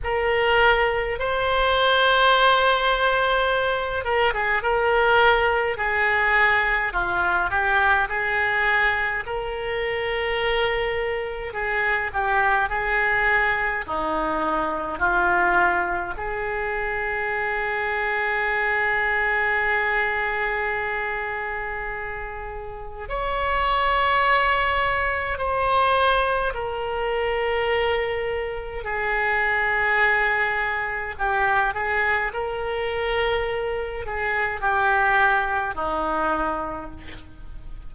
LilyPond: \new Staff \with { instrumentName = "oboe" } { \time 4/4 \tempo 4 = 52 ais'4 c''2~ c''8 ais'16 gis'16 | ais'4 gis'4 f'8 g'8 gis'4 | ais'2 gis'8 g'8 gis'4 | dis'4 f'4 gis'2~ |
gis'1 | cis''2 c''4 ais'4~ | ais'4 gis'2 g'8 gis'8 | ais'4. gis'8 g'4 dis'4 | }